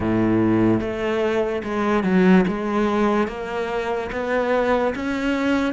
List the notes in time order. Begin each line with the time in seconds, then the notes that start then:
0.00 A2
0.80 A3
1.63 G#3
2.03 F#3
2.47 G#3
3.27 A#3
4.11 B3
4.95 C#4